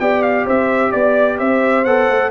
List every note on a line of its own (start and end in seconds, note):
0.00 0.46 B3
0.00 1.85 G4
0.00 0.46 D5
0.00 0.22 G5
0.22 0.45 F5
0.46 0.93 C4
0.46 0.92 C5
0.46 0.92 E5
0.92 1.40 B3
0.92 1.38 D5
0.92 1.39 D5
1.39 1.86 C4
1.39 2.31 C5
1.39 1.85 E5
1.85 2.09 B3
1.85 2.31 A4
1.85 2.31 F#5
2.09 2.31 A3